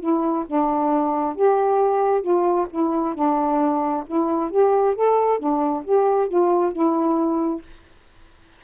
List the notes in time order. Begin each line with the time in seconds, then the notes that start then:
0.00 E4
0.46 D4
1.35 G4
2.22 F4
2.70 E4
3.14 D4
4.06 E4
4.50 G4
4.95 A4
5.39 D4
5.84 G4
6.28 F4
6.72 E4